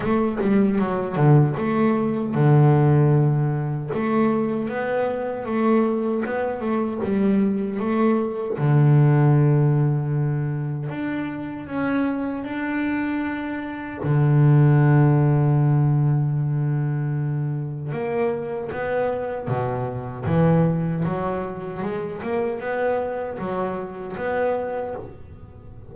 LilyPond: \new Staff \with { instrumentName = "double bass" } { \time 4/4 \tempo 4 = 77 a8 g8 fis8 d8 a4 d4~ | d4 a4 b4 a4 | b8 a8 g4 a4 d4~ | d2 d'4 cis'4 |
d'2 d2~ | d2. ais4 | b4 b,4 e4 fis4 | gis8 ais8 b4 fis4 b4 | }